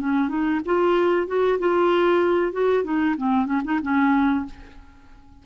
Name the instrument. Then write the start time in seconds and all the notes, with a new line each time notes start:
clarinet
0.00 C#4
0.29 D#4
0.65 F4
1.27 F#4
1.59 F4
2.52 F#4
2.84 D#4
3.18 C4
3.46 C#4
3.64 D#4
3.82 C#4